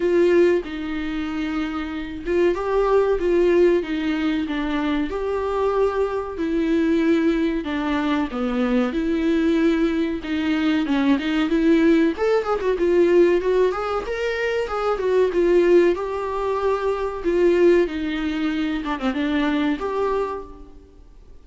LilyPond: \new Staff \with { instrumentName = "viola" } { \time 4/4 \tempo 4 = 94 f'4 dis'2~ dis'8 f'8 | g'4 f'4 dis'4 d'4 | g'2 e'2 | d'4 b4 e'2 |
dis'4 cis'8 dis'8 e'4 a'8 gis'16 fis'16 | f'4 fis'8 gis'8 ais'4 gis'8 fis'8 | f'4 g'2 f'4 | dis'4. d'16 c'16 d'4 g'4 | }